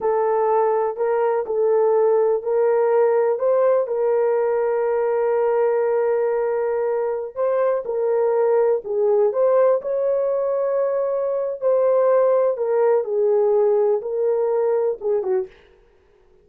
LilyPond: \new Staff \with { instrumentName = "horn" } { \time 4/4 \tempo 4 = 124 a'2 ais'4 a'4~ | a'4 ais'2 c''4 | ais'1~ | ais'2.~ ais'16 c''8.~ |
c''16 ais'2 gis'4 c''8.~ | c''16 cis''2.~ cis''8. | c''2 ais'4 gis'4~ | gis'4 ais'2 gis'8 fis'8 | }